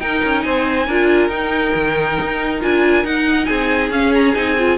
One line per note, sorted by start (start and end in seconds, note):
0.00 0.22 D#4
0.00 0.87 D#4
0.00 0.45 A#4
0.00 0.42 G5
0.24 0.45 C#4
0.42 0.87 C4
0.42 0.87 C5
0.42 1.29 G#5
0.87 1.29 D4
0.87 1.30 F4
0.87 3.47 A#4
1.29 1.72 D#4
1.29 2.60 D#4
1.29 2.60 G5
1.75 2.19 D#3
2.21 2.64 D#4
2.61 3.04 D4
2.61 3.04 F4
2.61 3.06 G#5
3.04 3.91 D#4
3.04 3.48 D#4
3.04 3.46 F#5
3.46 3.90 C4
3.46 4.78 G#4
3.46 3.89 G#5
3.90 4.33 C#4
3.90 4.35 C#4
3.90 4.14 F5
4.14 4.35 A#5
4.35 4.78 C4
4.35 4.57 D#4
4.35 4.78 G#5
4.58 4.78 F4